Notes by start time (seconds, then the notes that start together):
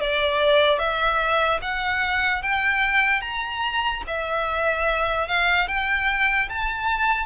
0.00 D5
0.79 E5
1.61 F#5
2.42 G5
3.21 A#5
4.07 E5
5.28 F5
5.67 G5
6.49 A5